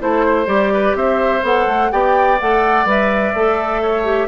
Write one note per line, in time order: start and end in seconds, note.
0.00 0.47 A3
0.00 0.46 E4
0.00 0.26 A4
0.00 0.48 C5
0.26 0.74 C5
0.46 0.95 G3
0.46 1.42 G4
0.46 0.96 D5
0.74 0.97 B4
0.95 1.43 C4
0.95 1.92 C5
0.95 1.45 E5
1.43 1.67 B3
1.43 1.90 A4
1.43 1.92 F#5
1.68 1.92 A3
1.91 2.41 B3
1.91 2.39 G4
1.91 3.82 D5
1.91 2.40 G5
2.40 2.86 A3
2.40 2.87 A4
2.40 2.88 F#5
2.86 3.33 G3
2.86 3.34 B4
2.86 4.28 E5
3.34 4.28 A3
3.34 4.04 A4
3.82 4.28 C#5
4.04 4.28 G4